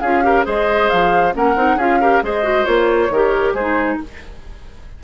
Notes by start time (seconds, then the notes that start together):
0.00 C#4 F4 G#4 F5
0.23 G4 A#4
0.44 G#3 G#4 C5 D#5
0.89 F3 F5
1.33 A#3 C#4 A#4 F#5
1.56 C4 D#4
1.76 C#4 F4 G#4 F5
2.01 G4 A#4
2.23 G#3 G#4 C5 D#5
2.43 F#4
2.65 A#3 F4 C#5
3.10 D#3 G4 A#4
3.53 G#3 D#4 G#4 C5